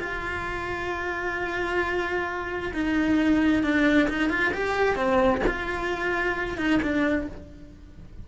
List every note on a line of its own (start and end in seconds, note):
0.00 2.73 F4
2.74 3.64 D#4
3.64 4.09 D4
4.09 4.30 D#4
4.30 4.53 F4
4.54 4.96 G4
4.96 5.42 C4
5.47 6.58 F4
6.58 6.81 D#4
6.83 7.28 D4